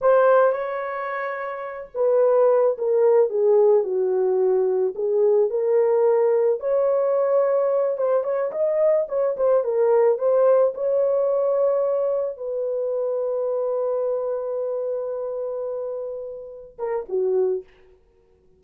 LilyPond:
\new Staff \with { instrumentName = "horn" } { \time 4/4 \tempo 4 = 109 c''4 cis''2~ cis''8 b'8~ | b'4 ais'4 gis'4 fis'4~ | fis'4 gis'4 ais'2 | cis''2~ cis''8 c''8 cis''8 dis''8~ |
dis''8 cis''8 c''8 ais'4 c''4 cis''8~ | cis''2~ cis''8 b'4.~ | b'1~ | b'2~ b'8 ais'8 fis'4 | }